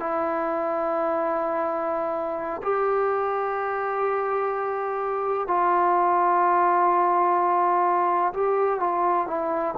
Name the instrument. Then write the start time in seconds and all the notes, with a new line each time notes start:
trombone
0.00 E4
2.63 G4
5.48 F4
8.34 G4
8.80 F4
9.27 E4